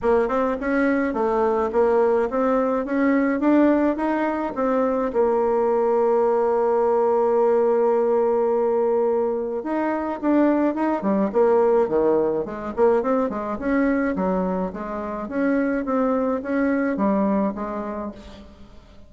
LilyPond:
\new Staff \with { instrumentName = "bassoon" } { \time 4/4 \tempo 4 = 106 ais8 c'8 cis'4 a4 ais4 | c'4 cis'4 d'4 dis'4 | c'4 ais2.~ | ais1~ |
ais4 dis'4 d'4 dis'8 g8 | ais4 dis4 gis8 ais8 c'8 gis8 | cis'4 fis4 gis4 cis'4 | c'4 cis'4 g4 gis4 | }